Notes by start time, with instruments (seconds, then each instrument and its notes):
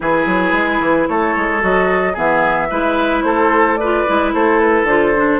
0.00 bassoon E3, clarinet E4, oboe G#4, flute B4
0.26 bassoon F#3
0.52 bassoon G#3
0.80 bassoon E3
1.08 bassoon A3, oboe A4, flute C#5
1.36 bassoon G#3
1.60 bassoon F#3, clarinet F#4, flute D#5
2.13 bassoon E3, clarinet B3, oboe G#4, flute E5
2.70 bassoon G#3, clarinet E4, oboe B4
3.22 bassoon A3, oboe A4, flute C5
3.76 oboe B4, flute D5
3.83 clarinet F4
4.06 bassoon G#3, clarinet E4
4.33 bassoon A3, oboe A4, flute C5
4.59 flute B4
4.83 bassoon D3, clarinet F4, flute C5
5.15 clarinet D4